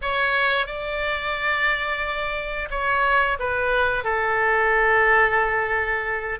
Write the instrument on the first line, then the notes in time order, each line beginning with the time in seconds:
oboe
0.01 C#5
0.66 D5
2.70 C#5
3.39 B4
4.04 A4